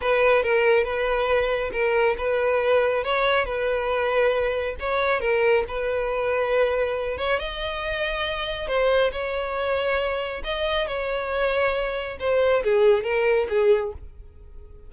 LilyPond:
\new Staff \with { instrumentName = "violin" } { \time 4/4 \tempo 4 = 138 b'4 ais'4 b'2 | ais'4 b'2 cis''4 | b'2. cis''4 | ais'4 b'2.~ |
b'8 cis''8 dis''2. | c''4 cis''2. | dis''4 cis''2. | c''4 gis'4 ais'4 gis'4 | }